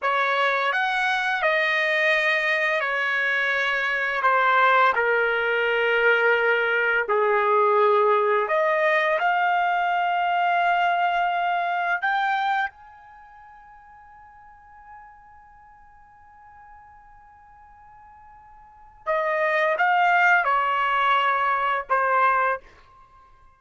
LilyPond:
\new Staff \with { instrumentName = "trumpet" } { \time 4/4 \tempo 4 = 85 cis''4 fis''4 dis''2 | cis''2 c''4 ais'4~ | ais'2 gis'2 | dis''4 f''2.~ |
f''4 g''4 gis''2~ | gis''1~ | gis''2. dis''4 | f''4 cis''2 c''4 | }